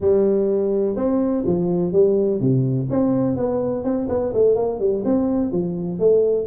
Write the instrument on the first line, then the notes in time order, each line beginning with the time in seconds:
tuba
0.00 G3
0.96 C4
1.46 F3
1.92 G3
2.40 C3
2.89 C4
3.36 B3
3.84 C4
4.08 B3
4.34 A3
4.55 A#3
4.79 G3
5.04 C4
5.51 F3
5.99 A3